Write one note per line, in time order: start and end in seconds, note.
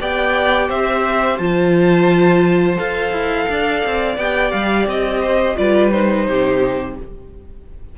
0.00 0.70 B3
0.00 1.40 G4
0.00 0.68 D5
0.00 0.70 G5
0.68 1.39 C4
0.68 3.47 C5
0.68 1.38 E5
1.38 2.79 F3
1.38 2.76 F4
1.38 2.78 A5
2.76 3.12 F4
2.76 4.16 A4
2.76 4.18 F5
3.12 3.47 E4
3.49 3.84 D4
3.49 5.22 D5
3.86 4.17 C4
4.17 4.52 B3
4.17 5.57 G4
4.17 4.51 G5
4.51 4.86 G3
4.51 4.86 F5
4.86 5.56 C4
4.86 5.57 D#5
5.22 5.57 C5
5.57 6.28 G3
5.57 5.92 F4
5.57 6.28 B4
5.57 5.91 D5
5.91 6.96 D#4
5.91 6.96 C5
6.28 6.98 C3
6.28 6.98 G4